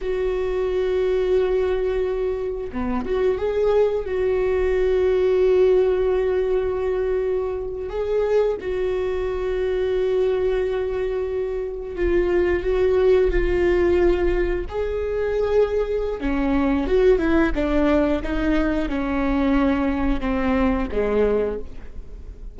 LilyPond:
\new Staff \with { instrumentName = "viola" } { \time 4/4 \tempo 4 = 89 fis'1 | b8 fis'8 gis'4 fis'2~ | fis'2.~ fis'8. gis'16~ | gis'8. fis'2.~ fis'16~ |
fis'4.~ fis'16 f'4 fis'4 f'16~ | f'4.~ f'16 gis'2~ gis'16 | cis'4 fis'8 e'8 d'4 dis'4 | cis'2 c'4 gis4 | }